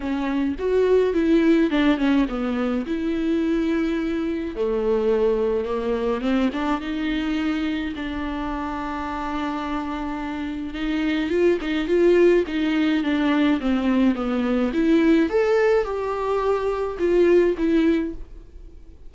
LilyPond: \new Staff \with { instrumentName = "viola" } { \time 4/4 \tempo 4 = 106 cis'4 fis'4 e'4 d'8 cis'8 | b4 e'2. | a2 ais4 c'8 d'8 | dis'2 d'2~ |
d'2. dis'4 | f'8 dis'8 f'4 dis'4 d'4 | c'4 b4 e'4 a'4 | g'2 f'4 e'4 | }